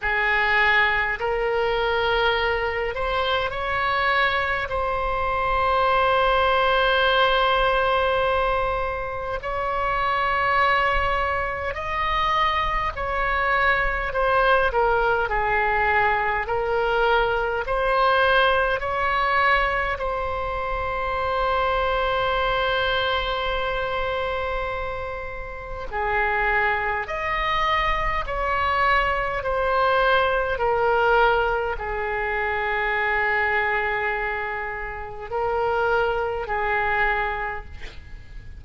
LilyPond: \new Staff \with { instrumentName = "oboe" } { \time 4/4 \tempo 4 = 51 gis'4 ais'4. c''8 cis''4 | c''1 | cis''2 dis''4 cis''4 | c''8 ais'8 gis'4 ais'4 c''4 |
cis''4 c''2.~ | c''2 gis'4 dis''4 | cis''4 c''4 ais'4 gis'4~ | gis'2 ais'4 gis'4 | }